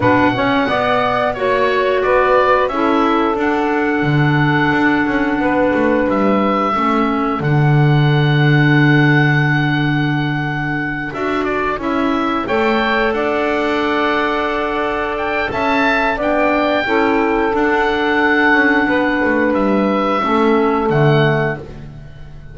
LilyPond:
<<
  \new Staff \with { instrumentName = "oboe" } { \time 4/4 \tempo 4 = 89 fis''2 cis''4 d''4 | e''4 fis''2.~ | fis''4 e''2 fis''4~ | fis''1~ |
fis''8 e''8 d''8 e''4 g''4 fis''8~ | fis''2~ fis''8 g''8 a''4 | g''2 fis''2~ | fis''4 e''2 fis''4 | }
  \new Staff \with { instrumentName = "saxophone" } { \time 4/4 b'8 cis''8 d''4 cis''4 b'4 | a'1 | b'2 a'2~ | a'1~ |
a'2~ a'8 cis''4 d''8~ | d''2. e''4 | d''4 a'2. | b'2 a'2 | }
  \new Staff \with { instrumentName = "clarinet" } { \time 4/4 d'8 cis'8 b4 fis'2 | e'4 d'2.~ | d'2 cis'4 d'4~ | d'1~ |
d'8 fis'4 e'4 a'4.~ | a'1 | d'4 e'4 d'2~ | d'2 cis'4 a4 | }
  \new Staff \with { instrumentName = "double bass" } { \time 4/4 b,4 b4 ais4 b4 | cis'4 d'4 d4 d'8 cis'8 | b8 a8 g4 a4 d4~ | d1~ |
d8 d'4 cis'4 a4 d'8~ | d'2. cis'4 | b4 cis'4 d'4. cis'8 | b8 a8 g4 a4 d4 | }
>>